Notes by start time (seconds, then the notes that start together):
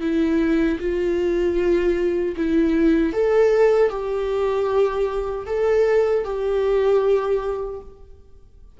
0.00 E4
0.79 F4
2.36 E4
3.12 A4
3.90 G4
5.46 A4
6.24 G4